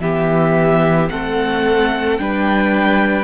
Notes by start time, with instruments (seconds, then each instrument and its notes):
0.00 cello E3, viola B3, violin G4 E5
1.09 cello A3, viola C4, violin A4 F#5
2.17 cello G3, viola D4, violin B4 G5